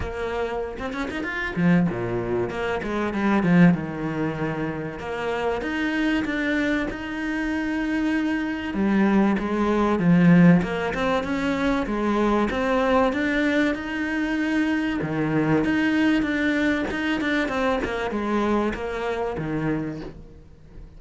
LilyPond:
\new Staff \with { instrumentName = "cello" } { \time 4/4 \tempo 4 = 96 ais4~ ais16 c'16 cis'16 dis'16 f'8 f8 ais,4 | ais8 gis8 g8 f8 dis2 | ais4 dis'4 d'4 dis'4~ | dis'2 g4 gis4 |
f4 ais8 c'8 cis'4 gis4 | c'4 d'4 dis'2 | dis4 dis'4 d'4 dis'8 d'8 | c'8 ais8 gis4 ais4 dis4 | }